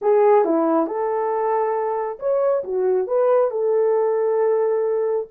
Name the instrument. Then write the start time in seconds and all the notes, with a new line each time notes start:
horn
0.01 G#4
0.44 E4
0.86 A4
2.19 C#5
2.64 F#4
3.07 B4
3.50 A4